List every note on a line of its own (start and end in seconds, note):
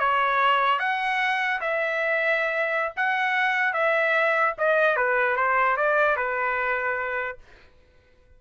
0.00 0.80 C#5
0.80 1.61 F#5
1.61 2.93 E5
2.97 3.74 F#5
3.74 4.55 E5
4.58 4.97 D#5
4.97 5.37 B4
5.37 5.77 C5
5.77 6.17 D5
6.17 7.39 B4